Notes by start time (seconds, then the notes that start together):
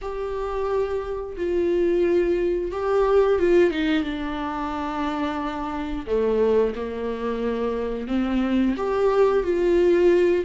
0.01 G4
1.36 F4
2.71 G4
3.39 F4
3.70 D#4
4.03 D4
6.06 A3
6.75 A#3
8.07 C4
8.76 G4
9.43 F4